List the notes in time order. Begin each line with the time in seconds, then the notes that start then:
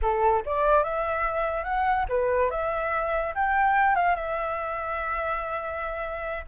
0.02 A4
0.45 D5
0.83 E5
1.64 F#5
2.08 B4
2.50 E5
3.34 G5
3.95 F5
4.15 E5